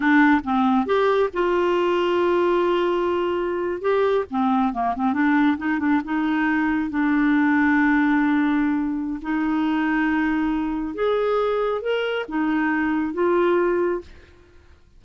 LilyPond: \new Staff \with { instrumentName = "clarinet" } { \time 4/4 \tempo 4 = 137 d'4 c'4 g'4 f'4~ | f'1~ | f'8. g'4 c'4 ais8 c'8 d'16~ | d'8. dis'8 d'8 dis'2 d'16~ |
d'1~ | d'4 dis'2.~ | dis'4 gis'2 ais'4 | dis'2 f'2 | }